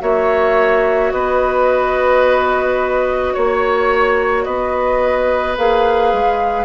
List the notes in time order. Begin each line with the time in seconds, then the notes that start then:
0.00 A#3 F#4 C#5 E5
1.12 B3 B4 D#5
3.34 A#3 C#5
4.45 B3 B4 D#5
5.58 A#3 G#4 F5
6.13 G#3